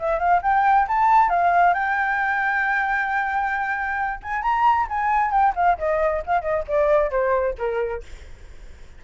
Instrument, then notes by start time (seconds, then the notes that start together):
flute
0.00 E5
0.20 F5
0.43 G5
0.88 A5
1.30 F5
1.74 G5
4.23 G#5
4.43 A#5
4.90 G#5
5.31 G5
5.56 F5
5.79 D#5
6.27 F5
6.42 D#5
6.68 D5
7.11 C5
7.59 A#4